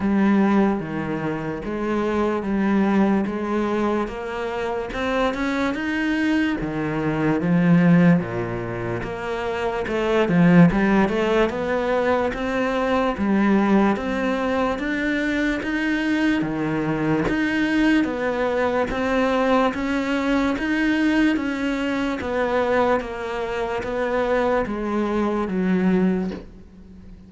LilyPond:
\new Staff \with { instrumentName = "cello" } { \time 4/4 \tempo 4 = 73 g4 dis4 gis4 g4 | gis4 ais4 c'8 cis'8 dis'4 | dis4 f4 ais,4 ais4 | a8 f8 g8 a8 b4 c'4 |
g4 c'4 d'4 dis'4 | dis4 dis'4 b4 c'4 | cis'4 dis'4 cis'4 b4 | ais4 b4 gis4 fis4 | }